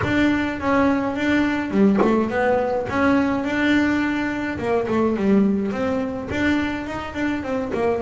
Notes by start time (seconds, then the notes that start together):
0.03 D4
0.60 C#4
1.16 D4
1.70 G3
2.01 A3
2.29 B3
2.89 C#4
3.43 D4
4.58 A#3
4.87 A3
5.16 G3
5.71 C4
6.30 D4
6.86 D#4
7.14 D4
7.43 C4
7.73 A#3